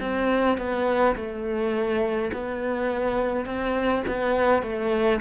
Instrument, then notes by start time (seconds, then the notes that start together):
cello
0.00 C4
0.57 B3
1.15 A3
2.32 B3
3.45 C4
4.07 B3
4.62 A3